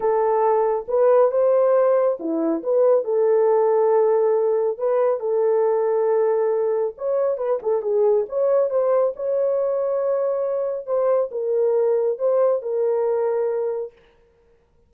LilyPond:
\new Staff \with { instrumentName = "horn" } { \time 4/4 \tempo 4 = 138 a'2 b'4 c''4~ | c''4 e'4 b'4 a'4~ | a'2. b'4 | a'1 |
cis''4 b'8 a'8 gis'4 cis''4 | c''4 cis''2.~ | cis''4 c''4 ais'2 | c''4 ais'2. | }